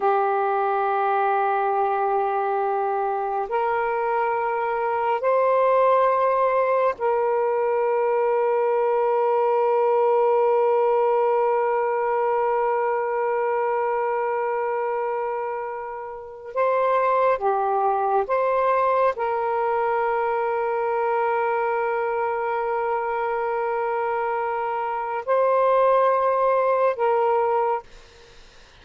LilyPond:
\new Staff \with { instrumentName = "saxophone" } { \time 4/4 \tempo 4 = 69 g'1 | ais'2 c''2 | ais'1~ | ais'1~ |
ais'2. c''4 | g'4 c''4 ais'2~ | ais'1~ | ais'4 c''2 ais'4 | }